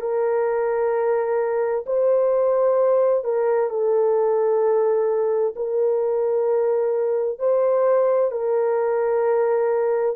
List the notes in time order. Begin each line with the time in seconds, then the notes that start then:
0.00 A#4
1.86 C5
3.24 A#4
3.69 A4
5.56 A#4
7.39 C5
8.31 A#4